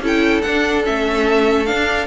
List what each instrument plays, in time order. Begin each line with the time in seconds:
0.00 cello C#4, viola E4, violin A4
0.07 violin G5
0.41 viola D4, cello D4, violin F#5
0.84 cello A3, viola C#4, violin E5
1.65 viola D4, cello D4, violin F5